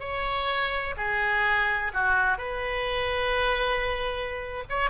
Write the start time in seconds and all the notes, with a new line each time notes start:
0.00 C#5
0.97 G#4
1.93 F#4
2.38 B4
4.69 C#5